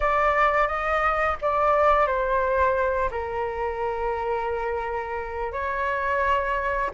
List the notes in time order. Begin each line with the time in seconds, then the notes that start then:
0.00 D5
0.67 D#5
1.41 D5
2.06 C5
3.10 A#4
5.52 C#5